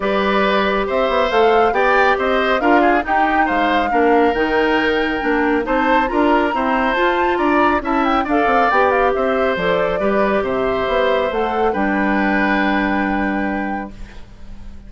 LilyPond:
<<
  \new Staff \with { instrumentName = "flute" } { \time 4/4 \tempo 4 = 138 d''2 e''4 f''4 | g''4 dis''4 f''4 g''4 | f''2 g''2~ | g''4 a''4 ais''2 |
a''4 ais''4 a''8 g''8 f''4 | g''8 f''8 e''4 d''2 | e''2 fis''4 g''4~ | g''1 | }
  \new Staff \with { instrumentName = "oboe" } { \time 4/4 b'2 c''2 | d''4 c''4 ais'8 gis'8 g'4 | c''4 ais'2.~ | ais'4 c''4 ais'4 c''4~ |
c''4 d''4 e''4 d''4~ | d''4 c''2 b'4 | c''2. b'4~ | b'1 | }
  \new Staff \with { instrumentName = "clarinet" } { \time 4/4 g'2. a'4 | g'2 f'4 dis'4~ | dis'4 d'4 dis'2 | d'4 dis'4 f'4 c'4 |
f'2 e'4 a'4 | g'2 a'4 g'4~ | g'2 a'4 d'4~ | d'1 | }
  \new Staff \with { instrumentName = "bassoon" } { \time 4/4 g2 c'8 b8 a4 | b4 c'4 d'4 dis'4 | gis4 ais4 dis2 | ais4 c'4 d'4 e'4 |
f'4 d'4 cis'4 d'8 c'8 | b4 c'4 f4 g4 | c4 b4 a4 g4~ | g1 | }
>>